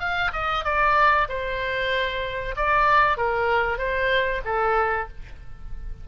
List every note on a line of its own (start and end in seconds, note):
0.00 0.32 F5
0.33 0.65 D#5
0.65 1.28 D5
1.29 2.56 C5
2.57 3.18 D5
3.18 3.78 A#4
3.78 4.42 C5
4.45 5.08 A4